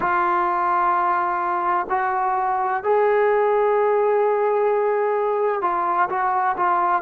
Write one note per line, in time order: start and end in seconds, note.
0.00 1.86 F4
1.89 2.83 F#4
2.83 5.61 G#4
5.61 6.08 F4
6.09 6.56 F#4
6.56 7.01 F4